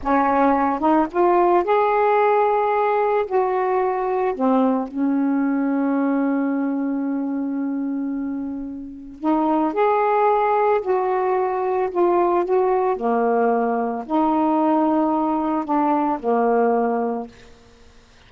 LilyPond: \new Staff \with { instrumentName = "saxophone" } { \time 4/4 \tempo 4 = 111 cis'4. dis'8 f'4 gis'4~ | gis'2 fis'2 | c'4 cis'2.~ | cis'1~ |
cis'4 dis'4 gis'2 | fis'2 f'4 fis'4 | ais2 dis'2~ | dis'4 d'4 ais2 | }